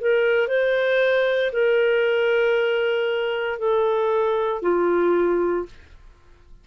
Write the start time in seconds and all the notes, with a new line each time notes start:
0.00 A#4
0.47 C5
1.52 A#4
3.59 A4
4.62 F4